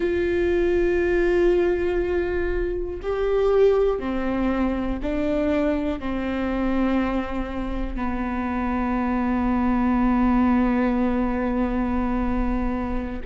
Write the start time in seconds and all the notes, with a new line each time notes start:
0.00 F4
3.02 G4
3.99 C4
5.02 D4
5.99 C4
7.95 B3